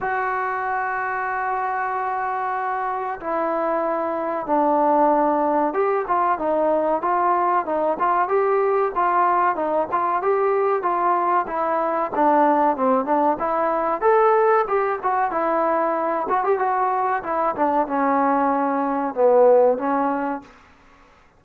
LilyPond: \new Staff \with { instrumentName = "trombone" } { \time 4/4 \tempo 4 = 94 fis'1~ | fis'4 e'2 d'4~ | d'4 g'8 f'8 dis'4 f'4 | dis'8 f'8 g'4 f'4 dis'8 f'8 |
g'4 f'4 e'4 d'4 | c'8 d'8 e'4 a'4 g'8 fis'8 | e'4. fis'16 g'16 fis'4 e'8 d'8 | cis'2 b4 cis'4 | }